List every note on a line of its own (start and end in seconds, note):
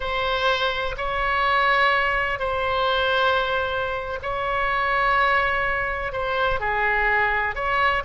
0.00 0.95 C5
0.97 2.39 C#5
2.39 4.19 C5
4.22 6.12 C#5
6.12 6.60 C5
6.60 7.55 G#4
7.55 8.03 C#5